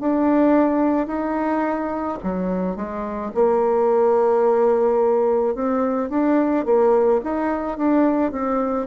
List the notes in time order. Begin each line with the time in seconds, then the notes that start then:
0.00 D4
1.07 D#4
2.23 F#3
2.76 G#3
3.34 A#3
5.55 C4
6.10 D4
6.65 A#3
7.24 D#4
7.78 D4
8.31 C4